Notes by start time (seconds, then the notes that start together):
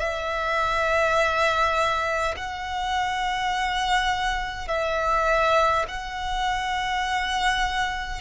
0.00 E5
2.37 F#5
4.68 E5
5.89 F#5